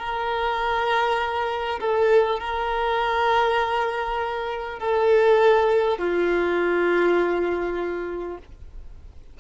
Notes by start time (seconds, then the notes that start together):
0.00 A#4
1.81 A4
2.40 A#4
4.79 A4
5.98 F4